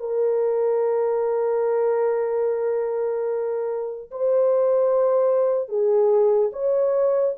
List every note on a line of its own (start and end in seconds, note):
0.00 4.11 A#4
4.12 5.69 C5
5.69 6.51 G#4
6.53 7.35 C#5